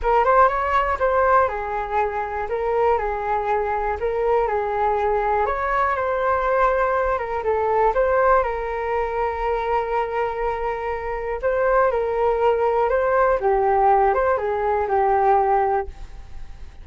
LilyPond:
\new Staff \with { instrumentName = "flute" } { \time 4/4 \tempo 4 = 121 ais'8 c''8 cis''4 c''4 gis'4~ | gis'4 ais'4 gis'2 | ais'4 gis'2 cis''4 | c''2~ c''8 ais'8 a'4 |
c''4 ais'2.~ | ais'2. c''4 | ais'2 c''4 g'4~ | g'8 c''8 gis'4 g'2 | }